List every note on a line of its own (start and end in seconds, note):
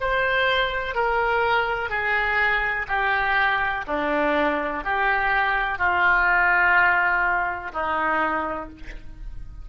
0.00 0.95 C5
0.95 1.89 A#4
1.89 2.86 G#4
2.88 3.84 G4
3.87 4.83 D4
4.83 5.78 G4
5.78 7.72 F4
7.72 8.69 D#4